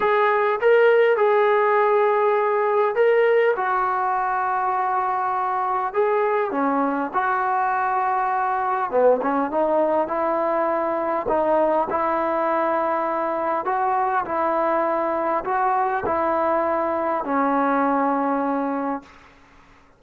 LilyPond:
\new Staff \with { instrumentName = "trombone" } { \time 4/4 \tempo 4 = 101 gis'4 ais'4 gis'2~ | gis'4 ais'4 fis'2~ | fis'2 gis'4 cis'4 | fis'2. b8 cis'8 |
dis'4 e'2 dis'4 | e'2. fis'4 | e'2 fis'4 e'4~ | e'4 cis'2. | }